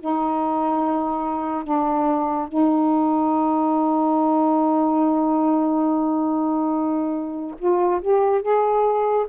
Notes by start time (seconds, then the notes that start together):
0.00 D#4
1.64 D4
2.49 D#4
7.59 F4
8.02 G4
8.42 G#4